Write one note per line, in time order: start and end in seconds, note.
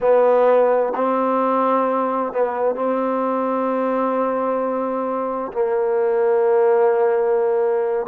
0.00 0.93 B3
0.95 2.32 C4
2.32 2.74 B3
2.74 5.51 C4
5.52 8.06 A#3